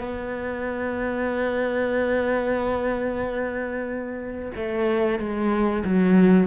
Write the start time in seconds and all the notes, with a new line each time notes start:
0.00 B3
4.56 A3
5.19 G#3
5.85 F#3